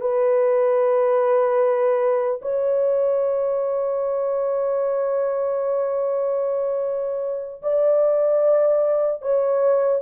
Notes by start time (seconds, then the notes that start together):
0.00 B4
2.41 C#5
7.62 D5
9.21 C#5